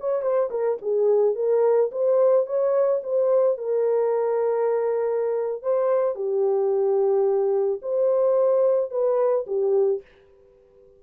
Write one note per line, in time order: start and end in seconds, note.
0.00 0.22 C#5
0.22 0.50 C5
0.51 0.78 A#4
0.82 1.36 G#4
1.36 1.91 A#4
1.92 2.46 C5
2.46 3.02 C#5
3.04 3.58 C5
3.58 5.62 A#4
5.62 6.16 C5
6.16 7.81 G4
7.82 8.91 C5
8.91 9.46 B4
9.47 10.02 G4